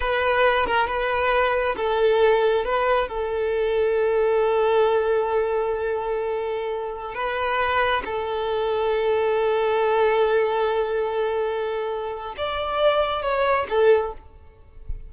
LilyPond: \new Staff \with { instrumentName = "violin" } { \time 4/4 \tempo 4 = 136 b'4. ais'8 b'2 | a'2 b'4 a'4~ | a'1~ | a'1~ |
a'16 b'2 a'4.~ a'16~ | a'1~ | a'1 | d''2 cis''4 a'4 | }